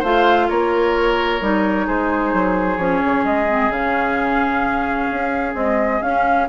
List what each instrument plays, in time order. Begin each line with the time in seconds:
0.00 bassoon A3, clarinet F4, oboe C5, flute F5
0.49 bassoon A#3, oboe A#4, flute C#5
1.41 bassoon G3, clarinet D#4
1.87 bassoon G#3, oboe G#4, flute C5
2.34 bassoon F#3
2.78 bassoon F3, clarinet C#4, flute C#5
3.05 bassoon C#3
3.25 bassoon G#3, flute D#5
3.48 clarinet C4
3.70 bassoon C#3, clarinet C#4, flute F5
5.12 bassoon C#4
5.54 clarinet G#3, bassoon C4, flute D#5
6.03 bassoon C#4, clarinet C#4, flute F5